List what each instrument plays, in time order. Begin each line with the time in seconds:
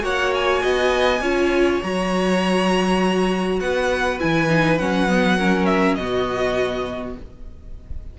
0.00 cello A#3, viola F#4, violin C#5 F#5
0.35 violin G#5
0.62 cello B3, violin D#5
1.21 cello C#4, viola F4, violin C#5
1.83 cello F#3, viola F#4, violin A#5
3.60 cello B3, violin B4 F#5
4.20 cello E3, viola E4, violin G#5
4.49 viola D#4
4.78 cello F#3, viola C#4, violin F#5
5.08 viola B3
5.38 viola C#4, violin A#4
5.66 violin E5
5.95 cello B2, viola B3, violin F#4 D#5